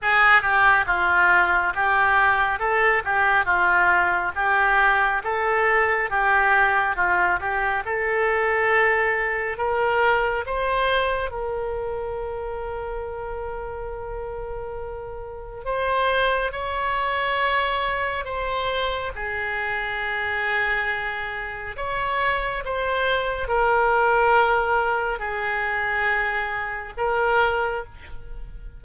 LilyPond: \new Staff \with { instrumentName = "oboe" } { \time 4/4 \tempo 4 = 69 gis'8 g'8 f'4 g'4 a'8 g'8 | f'4 g'4 a'4 g'4 | f'8 g'8 a'2 ais'4 | c''4 ais'2.~ |
ais'2 c''4 cis''4~ | cis''4 c''4 gis'2~ | gis'4 cis''4 c''4 ais'4~ | ais'4 gis'2 ais'4 | }